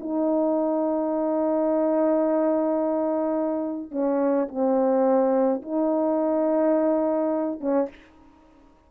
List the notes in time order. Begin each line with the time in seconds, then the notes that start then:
0.00 D#4
3.92 C#4
4.49 C4
5.62 D#4
7.61 C#4